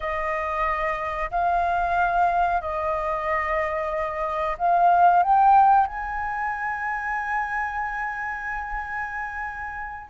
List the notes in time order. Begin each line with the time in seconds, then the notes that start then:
0.00 D#5
1.30 F5
2.61 D#5
4.58 F5
5.23 G5
5.86 G#5